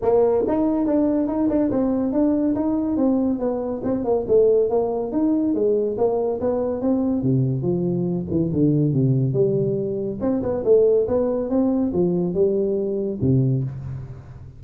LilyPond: \new Staff \with { instrumentName = "tuba" } { \time 4/4 \tempo 4 = 141 ais4 dis'4 d'4 dis'8 d'8 | c'4 d'4 dis'4 c'4 | b4 c'8 ais8 a4 ais4 | dis'4 gis4 ais4 b4 |
c'4 c4 f4. e8 | d4 c4 g2 | c'8 b8 a4 b4 c'4 | f4 g2 c4 | }